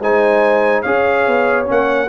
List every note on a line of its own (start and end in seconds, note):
0.00 0.83 G#3
0.00 0.85 D#4
0.00 0.83 C5
0.00 0.82 G#5
0.82 1.27 C#4
0.82 1.66 G#4
0.82 2.08 C#5
0.82 1.66 F5
1.27 1.69 B3
1.66 2.09 A#3
1.66 2.07 C#4
1.66 2.09 F#5